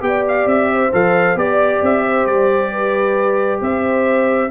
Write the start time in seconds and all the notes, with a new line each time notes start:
0.00 B3 G4 G5
0.07 D5
0.28 F5
0.46 C4 E5
0.72 C5
0.92 F3 A4 F5
1.35 B3 G4 D5
1.82 C4 E5
2.04 C5
2.26 G3 D5
2.71 B4
3.61 C4 C5 E5